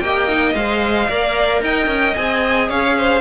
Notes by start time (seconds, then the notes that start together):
0.00 A#3 G4 D#5 G5
0.28 D#4
0.55 G#3 C5 F5
1.09 A#3 A#4 D5
1.62 D#4 D#5 G5
1.87 C#4
2.15 C4 G#4 G#5
2.69 C#4 C#5 F5
2.97 C5